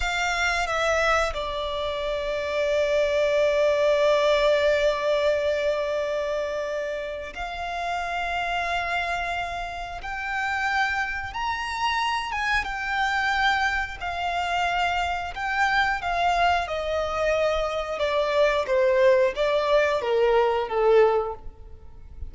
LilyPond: \new Staff \with { instrumentName = "violin" } { \time 4/4 \tempo 4 = 90 f''4 e''4 d''2~ | d''1~ | d''2. f''4~ | f''2. g''4~ |
g''4 ais''4. gis''8 g''4~ | g''4 f''2 g''4 | f''4 dis''2 d''4 | c''4 d''4 ais'4 a'4 | }